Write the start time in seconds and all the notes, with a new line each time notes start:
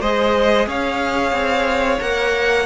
0.00 G#3 G#4 C5 D#5
0.67 C#4 C#5 F5
1.32 C4
2.00 A#3 A#4 F#5